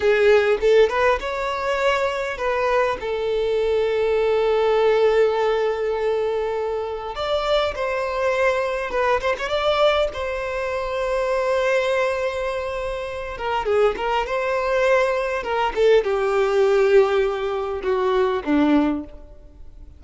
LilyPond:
\new Staff \with { instrumentName = "violin" } { \time 4/4 \tempo 4 = 101 gis'4 a'8 b'8 cis''2 | b'4 a'2.~ | a'1 | d''4 c''2 b'8 c''16 cis''16 |
d''4 c''2.~ | c''2~ c''8 ais'8 gis'8 ais'8 | c''2 ais'8 a'8 g'4~ | g'2 fis'4 d'4 | }